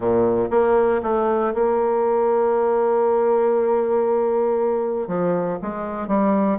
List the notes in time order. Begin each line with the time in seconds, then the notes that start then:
0.00 A#2
0.50 A#3
1.02 A3
1.54 A#3
5.07 F3
5.62 G#3
6.07 G3